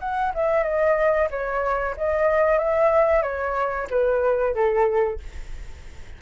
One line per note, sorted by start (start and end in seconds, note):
0.00 0.33 F#5
0.35 0.64 E5
0.64 1.29 D#5
1.31 1.96 C#5
1.97 2.59 D#5
2.59 3.23 E5
3.23 3.88 C#5
3.90 4.55 B4
4.55 5.20 A4